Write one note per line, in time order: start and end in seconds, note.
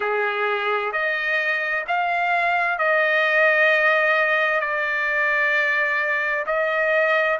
0.00 0.92 G#4
0.92 1.84 D#5
1.87 2.78 F5
2.78 4.60 D#5
4.60 6.45 D5
6.46 7.38 D#5